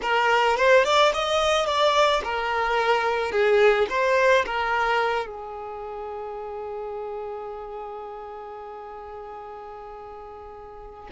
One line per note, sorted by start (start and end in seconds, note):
0.02 0.56 A#4
0.56 0.84 C5
0.84 1.12 D5
1.13 1.66 D#5
1.66 2.21 D5
2.24 3.31 A#4
3.31 3.87 G#4
3.89 4.45 C5
4.45 5.26 A#4
5.26 11.09 G#4